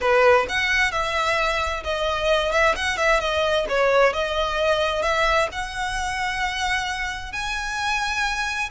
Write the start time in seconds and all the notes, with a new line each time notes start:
0.00 B4
0.49 F#5
0.91 E5
1.83 D#5
2.51 E5
2.75 F#5
2.97 E5
3.20 D#5
3.68 C#5
4.13 D#5
5.02 E5
5.52 F#5
7.32 G#5